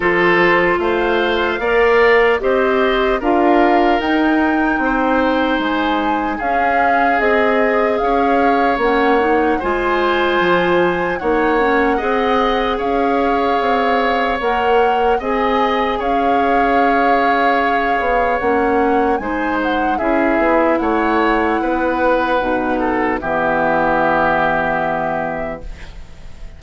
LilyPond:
<<
  \new Staff \with { instrumentName = "flute" } { \time 4/4 \tempo 4 = 75 c''4 f''2 dis''4 | f''4 g''2 gis''4 | f''4 dis''4 f''4 fis''4 | gis''2 fis''2 |
f''2 fis''4 gis''4 | f''2. fis''4 | gis''8 fis''8 e''4 fis''2~ | fis''4 e''2. | }
  \new Staff \with { instrumentName = "oboe" } { \time 4/4 a'4 c''4 d''4 c''4 | ais'2 c''2 | gis'2 cis''2 | c''2 cis''4 dis''4 |
cis''2. dis''4 | cis''1 | c''4 gis'4 cis''4 b'4~ | b'8 a'8 g'2. | }
  \new Staff \with { instrumentName = "clarinet" } { \time 4/4 f'2 ais'4 g'4 | f'4 dis'2. | cis'4 gis'2 cis'8 dis'8 | f'2 dis'8 cis'8 gis'4~ |
gis'2 ais'4 gis'4~ | gis'2. cis'4 | dis'4 e'2. | dis'4 b2. | }
  \new Staff \with { instrumentName = "bassoon" } { \time 4/4 f4 a4 ais4 c'4 | d'4 dis'4 c'4 gis4 | cis'4 c'4 cis'4 ais4 | gis4 f4 ais4 c'4 |
cis'4 c'4 ais4 c'4 | cis'2~ cis'8 b8 ais4 | gis4 cis'8 b8 a4 b4 | b,4 e2. | }
>>